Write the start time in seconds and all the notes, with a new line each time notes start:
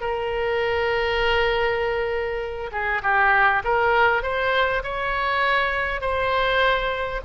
0.00 A#4
2.71 G#4
3.02 G4
3.64 A#4
4.22 C5
4.83 C#5
6.01 C5